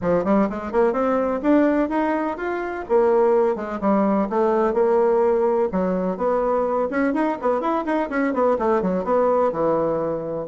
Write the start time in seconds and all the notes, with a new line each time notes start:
0.01 F3
0.24 G3
0.49 G#3
0.72 A#3
0.92 C4
1.42 D4
1.89 D#4
2.37 F4
2.89 A#3
3.55 G#3
3.81 G3
4.29 A3
4.73 A#3
5.71 F#3
6.17 B3
6.90 C#4
7.13 D#4
7.41 B3
7.60 E4
7.85 D#4
8.09 C#4
8.33 B3
8.58 A3
8.82 F#3
9.04 B3
9.52 E3